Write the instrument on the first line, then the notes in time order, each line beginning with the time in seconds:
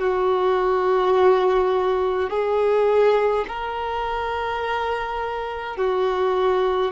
violin
0.00 F#4
2.31 G#4
3.49 A#4
5.77 F#4